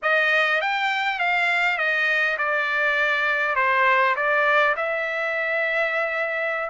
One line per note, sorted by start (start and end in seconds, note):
0.02 0.61 D#5
0.61 1.19 G5
1.19 1.77 F5
1.77 2.37 D#5
2.38 3.55 D5
3.55 4.15 C5
4.16 4.75 D5
4.76 6.69 E5